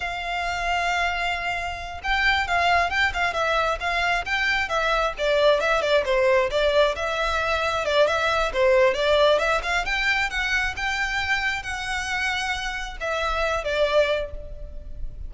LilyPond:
\new Staff \with { instrumentName = "violin" } { \time 4/4 \tempo 4 = 134 f''1~ | f''8 g''4 f''4 g''8 f''8 e''8~ | e''8 f''4 g''4 e''4 d''8~ | d''8 e''8 d''8 c''4 d''4 e''8~ |
e''4. d''8 e''4 c''4 | d''4 e''8 f''8 g''4 fis''4 | g''2 fis''2~ | fis''4 e''4. d''4. | }